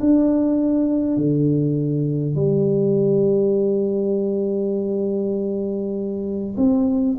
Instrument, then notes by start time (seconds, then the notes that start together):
tuba
0.00 D4
1.17 D3
2.35 G3
6.57 C4